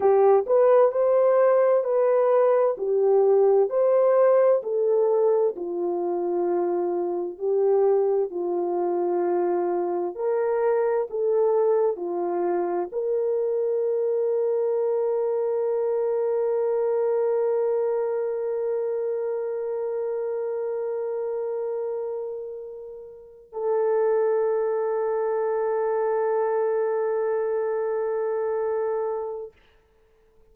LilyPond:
\new Staff \with { instrumentName = "horn" } { \time 4/4 \tempo 4 = 65 g'8 b'8 c''4 b'4 g'4 | c''4 a'4 f'2 | g'4 f'2 ais'4 | a'4 f'4 ais'2~ |
ais'1~ | ais'1~ | ais'4. a'2~ a'8~ | a'1 | }